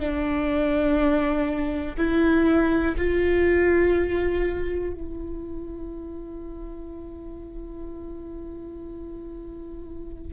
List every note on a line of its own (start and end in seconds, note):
0.00 1.97 D4
1.98 2.96 E4
2.98 4.94 F4
4.94 10.34 E4